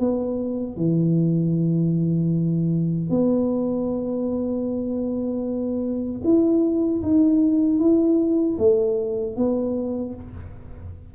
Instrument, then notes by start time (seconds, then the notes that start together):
tuba
0.00 B3
0.77 E3
3.11 B3
6.25 E4
7.03 D#4
7.80 E4
8.59 A3
9.37 B3